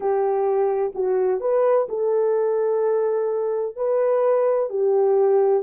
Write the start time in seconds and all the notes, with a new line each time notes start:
0.00 G4
0.94 F#4
1.40 B4
1.88 A4
3.75 B4
4.69 G4